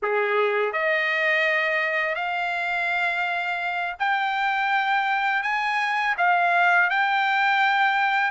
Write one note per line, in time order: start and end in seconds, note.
0.02 0.72 G#4
0.72 2.15 D#5
2.15 3.96 F5
3.99 5.42 G5
5.42 6.14 G#5
6.17 6.89 F5
6.89 8.31 G5